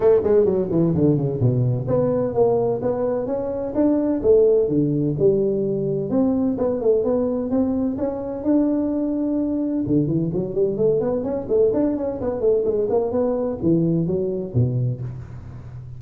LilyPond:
\new Staff \with { instrumentName = "tuba" } { \time 4/4 \tempo 4 = 128 a8 gis8 fis8 e8 d8 cis8 b,4 | b4 ais4 b4 cis'4 | d'4 a4 d4 g4~ | g4 c'4 b8 a8 b4 |
c'4 cis'4 d'2~ | d'4 d8 e8 fis8 g8 a8 b8 | cis'8 a8 d'8 cis'8 b8 a8 gis8 ais8 | b4 e4 fis4 b,4 | }